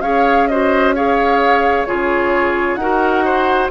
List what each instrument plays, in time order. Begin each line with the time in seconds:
0.00 bassoon C#4, clarinet G#4, oboe C#5, flute F5
0.47 clarinet F#4, oboe C5, flute D#5
0.95 clarinet G#4, oboe C#5, flute F5
1.85 bassoon C#3, clarinet F4, oboe G#4, flute C#5
2.75 bassoon D#4, clarinet F#4, oboe A#4, flute F#5
3.25 oboe C5